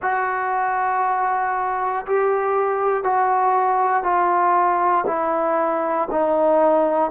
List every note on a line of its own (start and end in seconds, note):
0.02 2.05 F#4
2.06 3.03 G4
3.03 4.03 F#4
4.03 5.04 F4
5.06 6.08 E4
6.10 7.10 D#4